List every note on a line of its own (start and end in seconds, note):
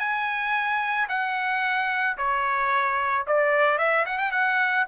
0.00 1.08 G#5
1.09 2.17 F#5
2.18 3.26 C#5
3.28 3.79 D5
3.79 4.06 E5
4.06 4.19 F#5
4.19 4.32 G5
4.32 4.86 F#5